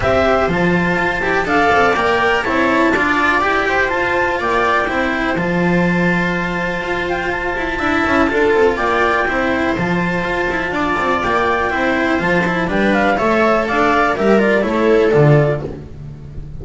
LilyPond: <<
  \new Staff \with { instrumentName = "clarinet" } { \time 4/4 \tempo 4 = 123 e''4 a''2 f''4 | g''4 a''2 g''4 | a''4 g''2 a''4~ | a''2~ a''8 g''8 a''4~ |
a''2 g''2 | a''2. g''4~ | g''4 a''4 g''8 f''8 e''4 | f''4 e''8 d''8 cis''4 d''4 | }
  \new Staff \with { instrumentName = "viola" } { \time 4/4 c''2. d''4~ | d''4 cis''4 d''4. c''8~ | c''4 d''4 c''2~ | c''1 |
e''4 a'4 d''4 c''4~ | c''2 d''2 | c''2 b'4 cis''4 | d''4 ais'4 a'2 | }
  \new Staff \with { instrumentName = "cello" } { \time 4/4 g'4 f'4. g'8 a'4 | ais'4 e'4 f'4 g'4 | f'2 e'4 f'4~ | f'1 |
e'4 f'2 e'4 | f'1 | e'4 f'8 e'8 d'4 a'4~ | a'4 g'8 f'8 e'4 f'4 | }
  \new Staff \with { instrumentName = "double bass" } { \time 4/4 c'4 f4 f'8 e'8 d'8 c'8 | ais4 c'4 d'4 e'4 | f'4 ais4 c'4 f4~ | f2 f'4. e'8 |
d'8 cis'8 d'8 c'8 ais4 c'4 | f4 f'8 e'8 d'8 c'8 ais4 | c'4 f4 g4 a4 | d'4 g4 a4 d4 | }
>>